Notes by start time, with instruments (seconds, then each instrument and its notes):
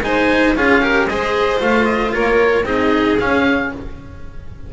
0.00 double bass G#3, cello D#4, violin C5, oboe G#5
0.56 double bass C#4, cello F4, violin G#4, oboe F5
0.81 cello G4, violin A#4
1.07 double bass G#3, cello G#4, violin C5, oboe D#5
1.59 double bass A3, cello F4, oboe F5
1.85 oboe D#5
2.13 double bass A#3, violin A#4, oboe C#5
2.63 double bass C4, cello D#4, violin G#4, oboe D#5
3.19 cello C#4, double bass C#4, oboe F5